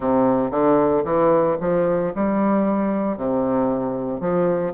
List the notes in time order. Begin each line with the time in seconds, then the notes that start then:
0.00 C3
0.50 D3
1.04 E3
1.60 F3
2.15 G3
3.17 C3
4.20 F3